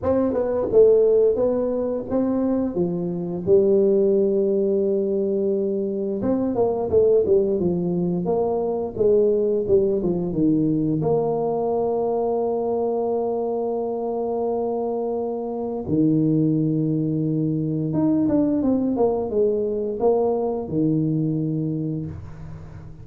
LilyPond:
\new Staff \with { instrumentName = "tuba" } { \time 4/4 \tempo 4 = 87 c'8 b8 a4 b4 c'4 | f4 g2.~ | g4 c'8 ais8 a8 g8 f4 | ais4 gis4 g8 f8 dis4 |
ais1~ | ais2. dis4~ | dis2 dis'8 d'8 c'8 ais8 | gis4 ais4 dis2 | }